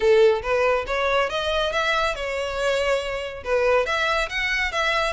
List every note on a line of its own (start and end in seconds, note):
0.00 0.42 A4
0.42 0.85 B4
0.86 1.29 C#5
1.29 1.72 D#5
1.72 2.15 E5
2.15 3.43 C#5
3.44 3.86 B4
3.86 4.29 E5
4.29 4.72 F#5
4.72 5.13 E5